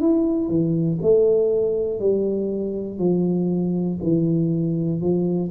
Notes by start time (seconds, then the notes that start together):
0.00 E4
0.49 E3
1.02 A3
2.00 G3
2.98 F3
4.03 E3
5.01 F3